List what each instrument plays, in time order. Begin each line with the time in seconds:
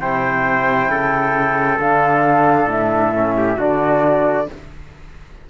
0.00 cello C3, trombone E4, trumpet C5, flute G5
0.89 cello C#3, trumpet A4
1.79 cello D3, trombone D4, flute F5
2.67 cello A2, flute E5
3.14 trombone C#4
3.37 trumpet G4
3.57 cello D3, trombone D4, trumpet F#4, flute D5